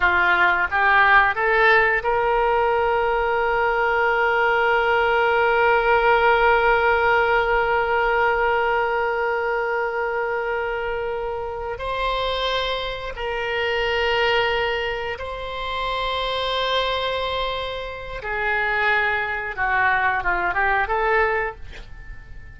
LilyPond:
\new Staff \with { instrumentName = "oboe" } { \time 4/4 \tempo 4 = 89 f'4 g'4 a'4 ais'4~ | ais'1~ | ais'1~ | ais'1~ |
ais'4. c''2 ais'8~ | ais'2~ ais'8 c''4.~ | c''2. gis'4~ | gis'4 fis'4 f'8 g'8 a'4 | }